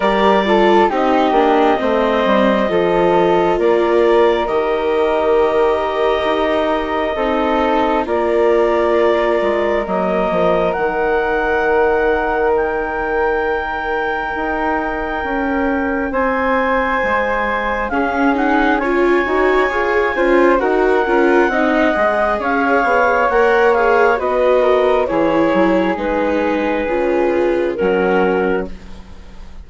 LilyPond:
<<
  \new Staff \with { instrumentName = "clarinet" } { \time 4/4 \tempo 4 = 67 d''4 dis''2. | d''4 dis''2.~ | dis''4 d''2 dis''4 | fis''2 g''2~ |
g''2 gis''2 | f''8 fis''8 gis''2 fis''4~ | fis''4 f''4 fis''8 f''8 dis''4 | cis''4 b'2 ais'4 | }
  \new Staff \with { instrumentName = "flute" } { \time 4/4 ais'8 a'8 g'4 c''4 a'4 | ais'1 | a'4 ais'2.~ | ais'1~ |
ais'2 c''2 | gis'4 cis''4. c''8 ais'4 | dis''4 cis''2 b'8 ais'8 | gis'2. fis'4 | }
  \new Staff \with { instrumentName = "viola" } { \time 4/4 g'8 f'8 dis'8 d'8 c'4 f'4~ | f'4 g'2. | dis'4 f'2 ais4 | dis'1~ |
dis'1 | cis'8 dis'8 f'8 fis'8 gis'8 f'8 fis'8 f'8 | dis'8 gis'4. ais'8 gis'8 fis'4 | e'4 dis'4 f'4 cis'4 | }
  \new Staff \with { instrumentName = "bassoon" } { \time 4/4 g4 c'8 ais8 a8 g8 f4 | ais4 dis2 dis'4 | c'4 ais4. gis8 fis8 f8 | dis1 |
dis'4 cis'4 c'4 gis4 | cis'4. dis'8 f'8 cis'8 dis'8 cis'8 | c'8 gis8 cis'8 b8 ais4 b4 | e8 fis8 gis4 cis4 fis4 | }
>>